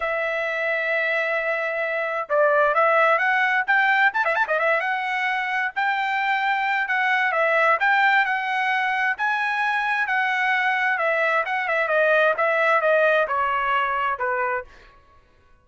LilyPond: \new Staff \with { instrumentName = "trumpet" } { \time 4/4 \tempo 4 = 131 e''1~ | e''4 d''4 e''4 fis''4 | g''4 a''16 e''16 a''16 dis''16 e''8 fis''4.~ | fis''8 g''2~ g''8 fis''4 |
e''4 g''4 fis''2 | gis''2 fis''2 | e''4 fis''8 e''8 dis''4 e''4 | dis''4 cis''2 b'4 | }